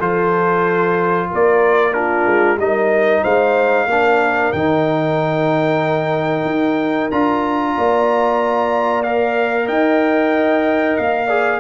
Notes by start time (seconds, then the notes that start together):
0.00 F3 F4 A4 C5
1.30 A#3 A#4 D5
1.93 D4 F4 A#4
2.26 G#3
2.58 G3 D#4 A#4 D#5
3.22 G#3 C5 F5
3.86 A#3 D4 A#4
4.53 D#3 D#4 G5
6.45 D#4
7.11 D4 F4 A#5
7.76 A#3 D5
9.03 A#4 F5
9.66 D#4 D#5 G5
10.97 A#3 F5
11.27 G#4 D5